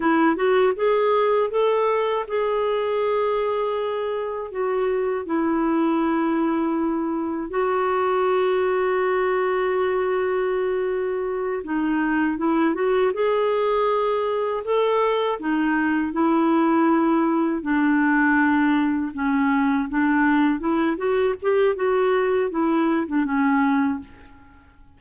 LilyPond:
\new Staff \with { instrumentName = "clarinet" } { \time 4/4 \tempo 4 = 80 e'8 fis'8 gis'4 a'4 gis'4~ | gis'2 fis'4 e'4~ | e'2 fis'2~ | fis'2.~ fis'8 dis'8~ |
dis'8 e'8 fis'8 gis'2 a'8~ | a'8 dis'4 e'2 d'8~ | d'4. cis'4 d'4 e'8 | fis'8 g'8 fis'4 e'8. d'16 cis'4 | }